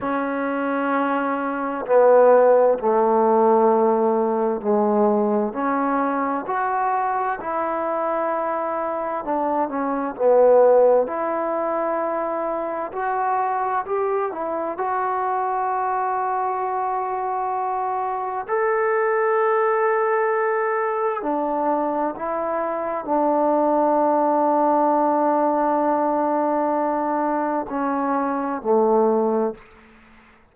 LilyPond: \new Staff \with { instrumentName = "trombone" } { \time 4/4 \tempo 4 = 65 cis'2 b4 a4~ | a4 gis4 cis'4 fis'4 | e'2 d'8 cis'8 b4 | e'2 fis'4 g'8 e'8 |
fis'1 | a'2. d'4 | e'4 d'2.~ | d'2 cis'4 a4 | }